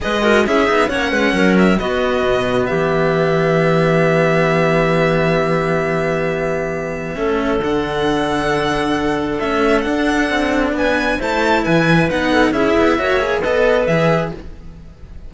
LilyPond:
<<
  \new Staff \with { instrumentName = "violin" } { \time 4/4 \tempo 4 = 134 dis''4 e''4 fis''4. e''8 | dis''2 e''2~ | e''1~ | e''1~ |
e''4 fis''2.~ | fis''4 e''4 fis''2 | gis''4 a''4 gis''4 fis''4 | e''2 dis''4 e''4 | }
  \new Staff \with { instrumentName = "clarinet" } { \time 4/4 b'8 ais'8 gis'4 cis''8 b'8 ais'4 | fis'2 g'2~ | g'1~ | g'1 |
a'1~ | a'1 | b'4 c''4 b'4. a'8 | gis'4 cis''4 b'2 | }
  \new Staff \with { instrumentName = "cello" } { \time 4/4 gis'8 fis'8 e'8 dis'8 cis'2 | b1~ | b1~ | b1 |
cis'4 d'2.~ | d'4 cis'4 d'2~ | d'4 e'2 dis'4 | e'4 fis'8 gis'8 a'4 gis'4 | }
  \new Staff \with { instrumentName = "cello" } { \time 4/4 gis4 cis'8 b8 ais8 gis8 fis4 | b4 b,4 e2~ | e1~ | e1 |
a4 d2.~ | d4 a4 d'4 c'4 | b4 a4 e4 b4 | cis'8 b8 ais4 b4 e4 | }
>>